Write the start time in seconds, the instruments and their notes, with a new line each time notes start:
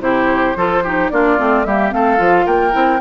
0.00 bassoon C3, clarinet E4, oboe G4, flute C5
0.56 bassoon F3, clarinet F4, oboe A4
0.84 clarinet D#4, oboe G4
1.10 bassoon A#3, clarinet D4, oboe F4, flute D5
1.38 bassoon A3, clarinet C4
1.64 bassoon G3, clarinet A#3, oboe G4, flute E5
1.91 bassoon A3, clarinet C4, oboe A4, flute F5
2.18 bassoon F3, clarinet F4
2.46 bassoon A#3, oboe A#4, flute G5
2.72 bassoon C4, clarinet E4